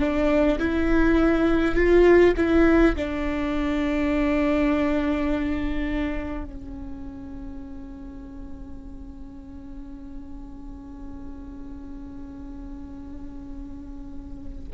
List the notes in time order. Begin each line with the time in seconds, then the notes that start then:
0.00 D4
0.59 E4
1.75 F4
2.37 E4
2.96 D4
6.45 C#4